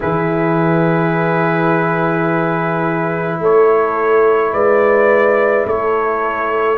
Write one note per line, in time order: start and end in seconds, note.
0.00 3.39 E3
0.00 6.78 E4
0.00 3.40 G#4
0.00 3.40 B4
3.39 4.51 A3
3.39 4.53 A4
3.39 4.53 C#5
4.51 5.65 G#3
4.51 5.66 B4
4.51 5.66 D5
5.66 6.78 A3
5.66 6.78 A4
5.66 6.78 C#5